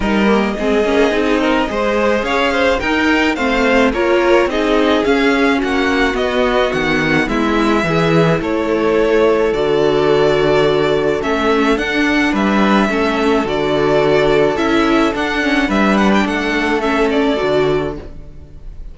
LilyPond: <<
  \new Staff \with { instrumentName = "violin" } { \time 4/4 \tempo 4 = 107 dis''1 | f''4 g''4 f''4 cis''4 | dis''4 f''4 fis''4 dis''4 | fis''4 e''2 cis''4~ |
cis''4 d''2. | e''4 fis''4 e''2 | d''2 e''4 fis''4 | e''8 fis''16 g''16 fis''4 e''8 d''4. | }
  \new Staff \with { instrumentName = "violin" } { \time 4/4 ais'4 gis'4. ais'8 c''4 | cis''8 c''8 ais'4 c''4 ais'4 | gis'2 fis'2~ | fis'4 e'4 gis'4 a'4~ |
a'1~ | a'2 b'4 a'4~ | a'1 | b'4 a'2. | }
  \new Staff \with { instrumentName = "viola" } { \time 4/4 dis'8 ais8 c'8 cis'8 dis'4 gis'4~ | gis'4 dis'4 c'4 f'4 | dis'4 cis'2 b4~ | b2 e'2~ |
e'4 fis'2. | cis'4 d'2 cis'4 | fis'2 e'4 d'8 cis'8 | d'2 cis'4 fis'4 | }
  \new Staff \with { instrumentName = "cello" } { \time 4/4 g4 gis8 ais8 c'4 gis4 | cis'4 dis'4 a4 ais4 | c'4 cis'4 ais4 b4 | dis4 gis4 e4 a4~ |
a4 d2. | a4 d'4 g4 a4 | d2 cis'4 d'4 | g4 a2 d4 | }
>>